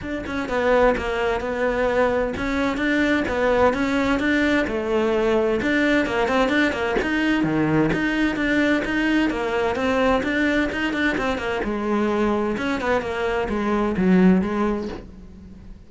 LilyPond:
\new Staff \with { instrumentName = "cello" } { \time 4/4 \tempo 4 = 129 d'8 cis'8 b4 ais4 b4~ | b4 cis'4 d'4 b4 | cis'4 d'4 a2 | d'4 ais8 c'8 d'8 ais8 dis'4 |
dis4 dis'4 d'4 dis'4 | ais4 c'4 d'4 dis'8 d'8 | c'8 ais8 gis2 cis'8 b8 | ais4 gis4 fis4 gis4 | }